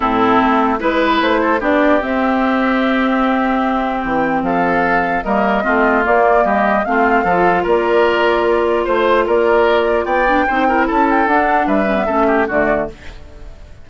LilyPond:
<<
  \new Staff \with { instrumentName = "flute" } { \time 4/4 \tempo 4 = 149 a'2 b'4 c''4 | d''4 e''2.~ | e''2 g''4 f''4~ | f''4 dis''2 d''4 |
dis''4 f''2 d''4~ | d''2 c''4 d''4~ | d''4 g''2 a''8 g''8 | fis''4 e''2 d''4 | }
  \new Staff \with { instrumentName = "oboe" } { \time 4/4 e'2 b'4. a'8 | g'1~ | g'2. a'4~ | a'4 ais'4 f'2 |
g'4 f'4 a'4 ais'4~ | ais'2 c''4 ais'4~ | ais'4 d''4 c''8 ais'8 a'4~ | a'4 b'4 a'8 g'8 fis'4 | }
  \new Staff \with { instrumentName = "clarinet" } { \time 4/4 c'2 e'2 | d'4 c'2.~ | c'1~ | c'4 ais4 c'4 ais4~ |
ais4 c'4 f'2~ | f'1~ | f'4. d'8 dis'8 e'4. | d'4. cis'16 b16 cis'4 a4 | }
  \new Staff \with { instrumentName = "bassoon" } { \time 4/4 a,4 a4 gis4 a4 | b4 c'2.~ | c'2 e4 f4~ | f4 g4 a4 ais4 |
g4 a4 f4 ais4~ | ais2 a4 ais4~ | ais4 b4 c'4 cis'4 | d'4 g4 a4 d4 | }
>>